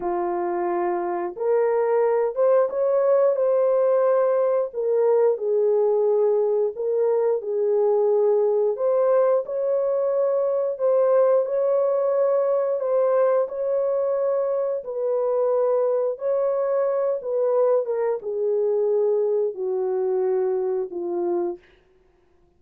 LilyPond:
\new Staff \with { instrumentName = "horn" } { \time 4/4 \tempo 4 = 89 f'2 ais'4. c''8 | cis''4 c''2 ais'4 | gis'2 ais'4 gis'4~ | gis'4 c''4 cis''2 |
c''4 cis''2 c''4 | cis''2 b'2 | cis''4. b'4 ais'8 gis'4~ | gis'4 fis'2 f'4 | }